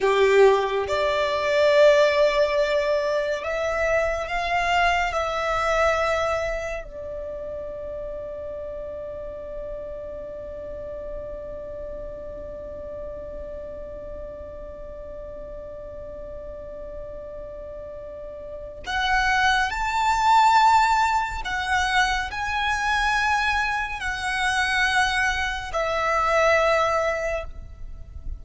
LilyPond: \new Staff \with { instrumentName = "violin" } { \time 4/4 \tempo 4 = 70 g'4 d''2. | e''4 f''4 e''2 | d''1~ | d''1~ |
d''1~ | d''2 fis''4 a''4~ | a''4 fis''4 gis''2 | fis''2 e''2 | }